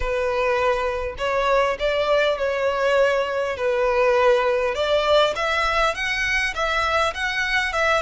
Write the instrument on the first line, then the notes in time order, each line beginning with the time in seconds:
violin
0.00 B4
1.17 C#5
1.79 D5
2.38 C#5
3.56 B4
4.74 D5
5.35 E5
5.94 F#5
6.54 E5
7.14 F#5
7.72 E5